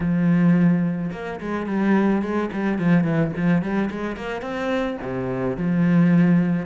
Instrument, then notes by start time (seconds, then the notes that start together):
cello
0.00 F3
1.12 A#3
1.40 G#3
1.66 G3
2.21 G#3
2.53 G3
2.78 F3
3.04 E3
3.36 F3
3.62 G3
3.90 G#3
4.16 A#3
4.41 C4
5.01 C3
5.57 F3